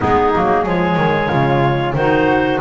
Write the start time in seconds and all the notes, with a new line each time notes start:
0.00 G#3 B3 D#4 G#4
0.34 F#3 A#3
0.63 F3 G#3 G#4 C#5
0.96 D#3
1.28 C#3 F4
1.93 D#3 F#4 C5
2.00 D#4